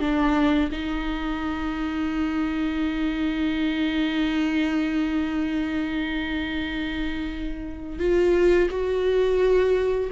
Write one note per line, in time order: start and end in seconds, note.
0.00 0.70 D4
0.72 7.99 D#4
7.99 8.69 F4
8.70 10.10 F#4